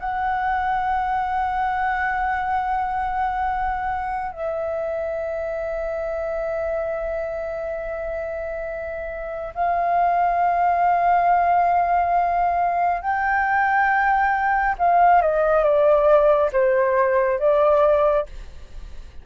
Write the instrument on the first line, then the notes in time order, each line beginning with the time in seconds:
flute
0.00 F#5
4.32 E5
9.55 F5
13.02 G5
14.79 F5
15.22 D#5
15.64 D5
16.53 C5
17.40 D5